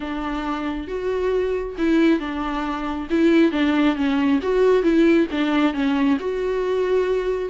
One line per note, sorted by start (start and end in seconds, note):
0.00 0.87 D4
0.87 1.75 F#4
1.77 2.19 E4
2.19 3.08 D4
3.09 3.51 E4
3.51 3.95 D4
3.95 4.39 C#4
4.42 4.82 F#4
4.82 5.27 E4
5.31 5.73 D4
5.73 6.17 C#4
6.19 7.49 F#4